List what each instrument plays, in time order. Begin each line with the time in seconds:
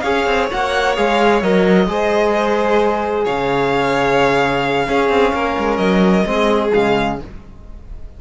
0.00 cello C#4, trombone G#4, violin C#5 F5
0.26 cello C4
0.50 cello A#3, trombone F#4, violin F#5
0.96 cello G#3, trombone G#4, violin F5
1.42 cello F#3, trombone A#4, violin D#5
1.87 cello G#3, trombone G#4, violin C5
3.24 cello C#3, violin C#5 F5
4.88 trombone C#4, cello C#4, violin G#4
5.09 cello C4
5.34 cello A#3, violin A#4
5.58 cello G#3
5.77 cello F#3, violin D#5
6.25 cello G#3, trombone C4, violin G#4
6.73 cello C#3, trombone G#3, violin F5